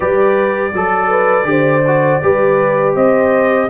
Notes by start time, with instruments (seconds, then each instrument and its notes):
0.00 tuba G3, trombone G4, horn B4, trumpet D5
0.73 tuba F#3, horn A4, trombone A4
1.09 horn B4
1.44 tuba D3, trombone G4, horn C5
1.86 trombone F#4
2.22 tuba G3, trombone G4, horn B4
2.95 tuba C4, horn C5, trumpet D#5